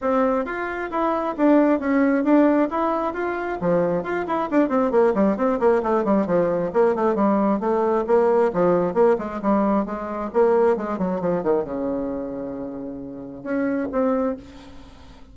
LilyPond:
\new Staff \with { instrumentName = "bassoon" } { \time 4/4 \tempo 4 = 134 c'4 f'4 e'4 d'4 | cis'4 d'4 e'4 f'4 | f4 f'8 e'8 d'8 c'8 ais8 g8 | c'8 ais8 a8 g8 f4 ais8 a8 |
g4 a4 ais4 f4 | ais8 gis8 g4 gis4 ais4 | gis8 fis8 f8 dis8 cis2~ | cis2 cis'4 c'4 | }